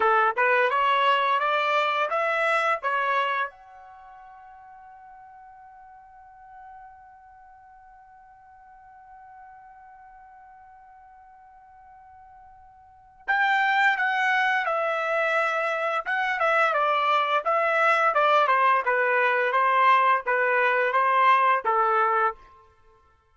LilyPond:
\new Staff \with { instrumentName = "trumpet" } { \time 4/4 \tempo 4 = 86 a'8 b'8 cis''4 d''4 e''4 | cis''4 fis''2.~ | fis''1~ | fis''1~ |
fis''2. g''4 | fis''4 e''2 fis''8 e''8 | d''4 e''4 d''8 c''8 b'4 | c''4 b'4 c''4 a'4 | }